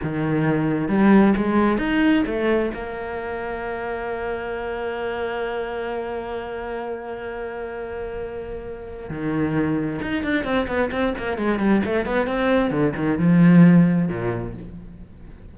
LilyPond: \new Staff \with { instrumentName = "cello" } { \time 4/4 \tempo 4 = 132 dis2 g4 gis4 | dis'4 a4 ais2~ | ais1~ | ais1~ |
ais1 | dis2 dis'8 d'8 c'8 b8 | c'8 ais8 gis8 g8 a8 b8 c'4 | d8 dis8 f2 ais,4 | }